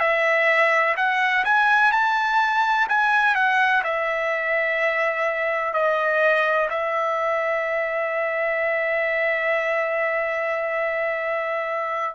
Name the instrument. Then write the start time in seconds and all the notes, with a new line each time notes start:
trumpet
0.00 E5
0.97 F#5
1.45 G#5
1.92 A5
2.89 G#5
3.35 F#5
3.84 E5
5.74 D#5
6.70 E5